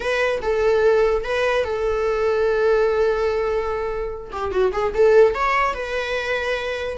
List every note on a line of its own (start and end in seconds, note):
0.00 0.41 B4
0.42 1.24 A4
1.24 1.64 B4
1.64 4.31 A4
4.32 4.51 G4
4.51 4.72 F#4
4.72 4.93 G#4
4.94 5.34 A4
5.34 5.74 C#5
5.74 6.97 B4